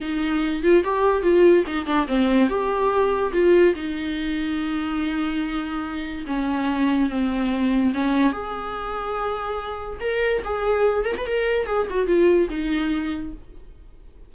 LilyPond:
\new Staff \with { instrumentName = "viola" } { \time 4/4 \tempo 4 = 144 dis'4. f'8 g'4 f'4 | dis'8 d'8 c'4 g'2 | f'4 dis'2.~ | dis'2. cis'4~ |
cis'4 c'2 cis'4 | gis'1 | ais'4 gis'4. ais'16 b'16 ais'4 | gis'8 fis'8 f'4 dis'2 | }